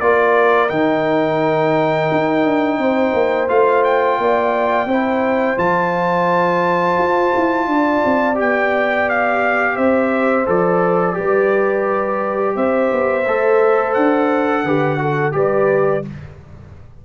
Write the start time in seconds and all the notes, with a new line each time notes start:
0.00 A#3 F4 A#4 D5
0.69 D#3 D#4 G5
2.12 D#4
2.44 D4
2.78 C4 C5
3.14 A#3
3.48 A3 F4 F5
3.84 G5
4.18 A#3 D5
4.86 C4 E4 C5
5.57 F3 F4 A5
6.98 F4
7.36 E4
7.67 D4 D5
8.05 C4
8.35 B3 G4 G5
9.09 F5
9.75 C4 C5 E5
10.46 F3 A4 D5
11.14 G3 G4 B4
12.56 C4 C5 E5
12.92 B3
13.26 A3 A4
13.94 D4 F#5
14.64 D3 G4 B4
14.98 F#4 A4
15.32 G3 G4 B4 D5